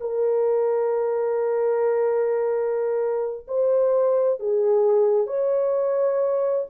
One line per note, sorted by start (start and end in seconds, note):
0.00 3.46 A#4
3.47 4.39 C5
4.39 5.27 G#4
5.27 6.65 C#5